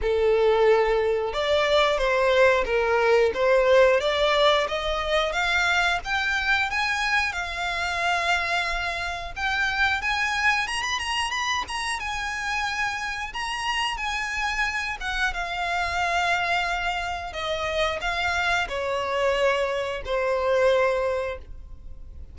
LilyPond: \new Staff \with { instrumentName = "violin" } { \time 4/4 \tempo 4 = 90 a'2 d''4 c''4 | ais'4 c''4 d''4 dis''4 | f''4 g''4 gis''4 f''4~ | f''2 g''4 gis''4 |
ais''16 b''16 ais''8 b''8 ais''8 gis''2 | ais''4 gis''4. fis''8 f''4~ | f''2 dis''4 f''4 | cis''2 c''2 | }